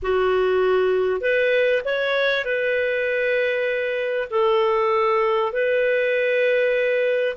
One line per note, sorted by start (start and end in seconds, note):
0.02 1.21 F#4
1.21 1.82 B4
1.85 2.45 C#5
2.45 4.28 B4
4.30 5.52 A4
5.52 7.36 B4